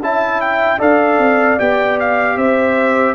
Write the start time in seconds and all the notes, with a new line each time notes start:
0.00 C#4 E4 E5 A5
0.40 G5
0.78 D4 A4 D5 F5
1.18 C4
1.58 B3 G4 G5
1.99 F5
2.36 C4 C5 E5